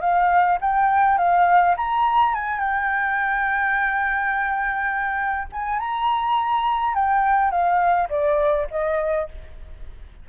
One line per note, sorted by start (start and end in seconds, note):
0.00 0.58 F5
0.61 1.17 G5
1.17 1.75 F5
1.77 2.34 A#5
2.34 2.59 G#5
2.59 5.47 G5
5.52 5.79 G#5
5.79 6.94 A#5
6.94 7.51 G5
7.51 8.08 F5
8.09 8.67 D5
8.70 9.28 D#5